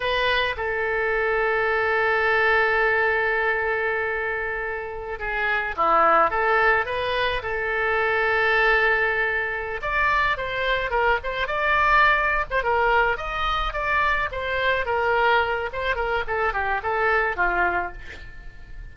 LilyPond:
\new Staff \with { instrumentName = "oboe" } { \time 4/4 \tempo 4 = 107 b'4 a'2.~ | a'1~ | a'4~ a'16 gis'4 e'4 a'8.~ | a'16 b'4 a'2~ a'8.~ |
a'4. d''4 c''4 ais'8 | c''8 d''4.~ d''16 c''16 ais'4 dis''8~ | dis''8 d''4 c''4 ais'4. | c''8 ais'8 a'8 g'8 a'4 f'4 | }